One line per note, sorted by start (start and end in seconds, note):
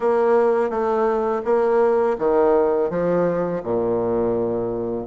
0.00 0.69 A#3
0.69 1.42 A3
1.44 2.17 A#3
2.18 2.89 D#3
2.89 3.62 F3
3.63 5.06 A#2